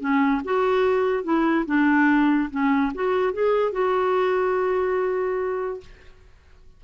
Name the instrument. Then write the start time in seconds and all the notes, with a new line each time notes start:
clarinet
0.00 C#4
0.44 F#4
1.23 E4
1.66 D4
2.51 C#4
2.94 F#4
3.33 G#4
3.72 F#4